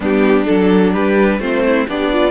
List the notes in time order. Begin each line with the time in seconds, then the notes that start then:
0.00 G3 B3 D4 G4
0.45 F#3 D4 A4
0.92 G3 G4 B4
1.39 A3 C4 F4 C5
1.65 E4
1.87 B3 D4 G4 D5
2.12 F4